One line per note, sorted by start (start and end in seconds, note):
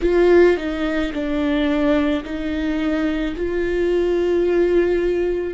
0.02 0.56 F4
0.56 1.12 D#4
1.12 2.23 D4
2.24 3.35 D#4
3.35 5.54 F4